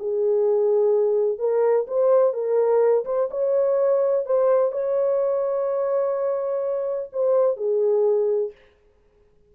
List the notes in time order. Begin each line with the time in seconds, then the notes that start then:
0.00 G#4
1.39 A#4
1.88 C5
2.34 A#4
3.06 C5
3.31 C#5
4.26 C5
4.72 C#5
7.13 C5
7.57 G#4